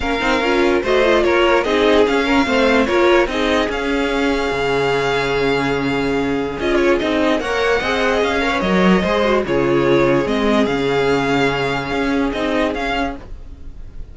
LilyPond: <<
  \new Staff \with { instrumentName = "violin" } { \time 4/4 \tempo 4 = 146 f''2 dis''4 cis''4 | dis''4 f''2 cis''4 | dis''4 f''2.~ | f''1 |
dis''8 cis''8 dis''4 fis''2 | f''4 dis''2 cis''4~ | cis''4 dis''4 f''2~ | f''2 dis''4 f''4 | }
  \new Staff \with { instrumentName = "violin" } { \time 4/4 ais'2 c''4 ais'4 | gis'4. ais'8 c''4 ais'4 | gis'1~ | gis'1~ |
gis'2 cis''4 dis''4~ | dis''8 cis''4. c''4 gis'4~ | gis'1~ | gis'1 | }
  \new Staff \with { instrumentName = "viola" } { \time 4/4 cis'8 dis'8 f'4 fis'8 f'4. | dis'4 cis'4 c'4 f'4 | dis'4 cis'2.~ | cis'1 |
f'4 dis'4 ais'4 gis'4~ | gis'8 ais'16 b'16 ais'4 gis'8 fis'8 f'4~ | f'4 c'4 cis'2~ | cis'2 dis'4 cis'4 | }
  \new Staff \with { instrumentName = "cello" } { \time 4/4 ais8 c'8 cis'4 a4 ais4 | c'4 cis'4 a4 ais4 | c'4 cis'2 cis4~ | cis1 |
cis'4 c'4 ais4 c'4 | cis'4 fis4 gis4 cis4~ | cis4 gis4 cis2~ | cis4 cis'4 c'4 cis'4 | }
>>